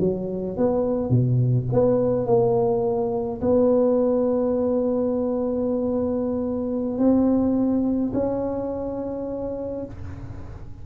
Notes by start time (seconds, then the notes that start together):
0.00 F#3
0.57 B3
1.10 B2
1.73 B3
2.26 A#3
3.41 B3
6.98 C4
8.14 C#4